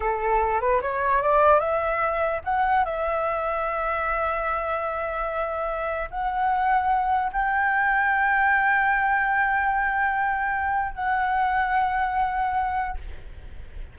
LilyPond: \new Staff \with { instrumentName = "flute" } { \time 4/4 \tempo 4 = 148 a'4. b'8 cis''4 d''4 | e''2 fis''4 e''4~ | e''1~ | e''2. fis''4~ |
fis''2 g''2~ | g''1~ | g''2. fis''4~ | fis''1 | }